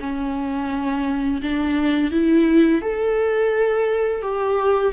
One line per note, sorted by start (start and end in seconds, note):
0.00 1.41 C#4
1.42 2.11 D4
2.11 2.82 E4
2.82 4.22 A4
4.22 4.93 G4